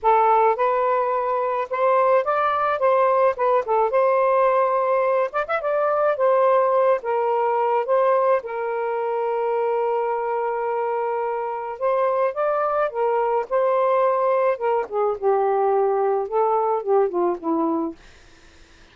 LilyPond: \new Staff \with { instrumentName = "saxophone" } { \time 4/4 \tempo 4 = 107 a'4 b'2 c''4 | d''4 c''4 b'8 a'8 c''4~ | c''4. d''16 e''16 d''4 c''4~ | c''8 ais'4. c''4 ais'4~ |
ais'1~ | ais'4 c''4 d''4 ais'4 | c''2 ais'8 gis'8 g'4~ | g'4 a'4 g'8 f'8 e'4 | }